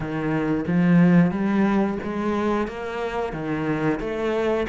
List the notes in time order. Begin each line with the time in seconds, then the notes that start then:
0.00 D#3
0.67 F3
1.31 G3
2.03 G#3
2.67 A#3
3.32 D#3
4.00 A3